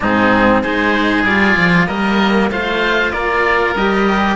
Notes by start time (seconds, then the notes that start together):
0.00 G#2 C4 D#4 G#4
0.62 G#3 D#4 G#4 C5
1.24 G3 F4 D5
1.56 F3
1.87 G3 A#3 A#4 D#5
2.49 A3 F4 C5 F5
3.11 A#3 A#4 D5
3.75 G3 G4 D#5